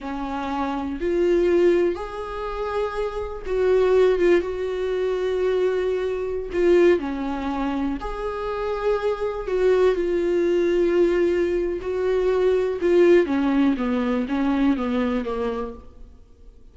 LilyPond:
\new Staff \with { instrumentName = "viola" } { \time 4/4 \tempo 4 = 122 cis'2 f'2 | gis'2. fis'4~ | fis'8 f'8 fis'2.~ | fis'4~ fis'16 f'4 cis'4.~ cis'16~ |
cis'16 gis'2. fis'8.~ | fis'16 f'2.~ f'8. | fis'2 f'4 cis'4 | b4 cis'4 b4 ais4 | }